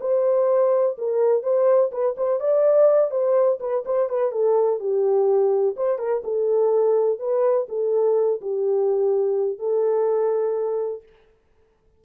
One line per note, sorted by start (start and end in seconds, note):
0.00 0.96 C5
0.98 1.43 A#4
1.43 1.91 C5
1.91 2.15 B4
2.17 2.40 C5
2.40 3.11 D5
3.11 3.59 C5
3.60 3.84 B4
3.85 4.09 C5
4.09 4.32 B4
4.32 4.80 A4
4.80 5.76 G4
5.76 5.98 C5
5.98 6.22 A#4
6.24 7.19 A4
7.19 7.67 B4
7.68 8.40 A4
8.41 9.59 G4
9.59 11.03 A4